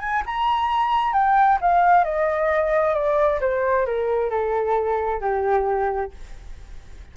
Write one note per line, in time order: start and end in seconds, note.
0.00 0.23 G#5
0.26 1.13 A#5
1.13 1.59 G5
1.61 2.04 F5
2.04 2.95 D#5
2.95 3.40 D5
3.41 3.86 C5
3.86 4.30 A#4
4.30 5.21 A4
5.21 6.12 G4